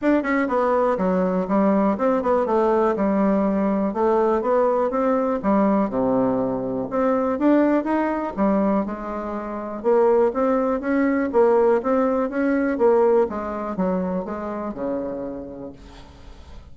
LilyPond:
\new Staff \with { instrumentName = "bassoon" } { \time 4/4 \tempo 4 = 122 d'8 cis'8 b4 fis4 g4 | c'8 b8 a4 g2 | a4 b4 c'4 g4 | c2 c'4 d'4 |
dis'4 g4 gis2 | ais4 c'4 cis'4 ais4 | c'4 cis'4 ais4 gis4 | fis4 gis4 cis2 | }